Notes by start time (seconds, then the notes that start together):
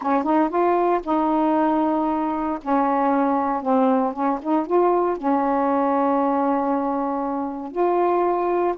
0.01 C#4
0.23 D#4
0.49 F4
1.03 D#4
2.62 C#4
3.62 C4
4.13 C#4
4.42 D#4
4.66 F4
5.17 C#4
7.71 F4